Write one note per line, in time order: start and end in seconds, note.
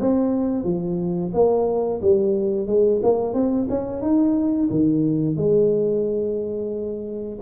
0.00 0.64 C4
0.64 1.32 F3
1.34 2.01 A#3
2.02 2.67 G3
2.67 3.01 G#3
3.03 3.34 A#3
3.34 3.67 C4
3.69 4.02 C#4
4.02 4.69 D#4
4.71 5.37 D#3
5.37 7.39 G#3